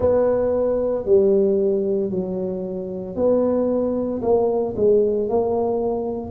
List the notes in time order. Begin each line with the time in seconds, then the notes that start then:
0.00 B3
1.05 G3
2.10 F#3
3.15 B3
4.22 A#3
4.76 G#3
5.29 A#3